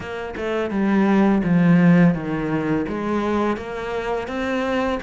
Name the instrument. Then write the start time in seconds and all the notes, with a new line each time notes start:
cello
0.00 A#3
0.36 A3
0.70 G3
1.43 F3
2.14 D#3
2.88 G#3
3.56 A#3
4.27 C4